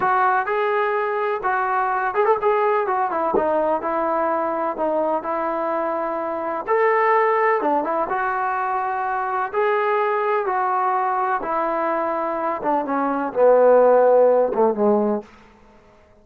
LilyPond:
\new Staff \with { instrumentName = "trombone" } { \time 4/4 \tempo 4 = 126 fis'4 gis'2 fis'4~ | fis'8 gis'16 a'16 gis'4 fis'8 e'8 dis'4 | e'2 dis'4 e'4~ | e'2 a'2 |
d'8 e'8 fis'2. | gis'2 fis'2 | e'2~ e'8 d'8 cis'4 | b2~ b8 a8 gis4 | }